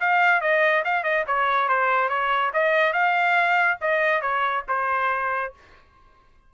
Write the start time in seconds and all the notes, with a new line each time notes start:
0.00 F5
0.41 D#5
0.85 F5
1.03 D#5
1.27 C#5
1.69 C5
2.09 C#5
2.53 D#5
2.93 F5
3.81 D#5
4.21 C#5
4.68 C5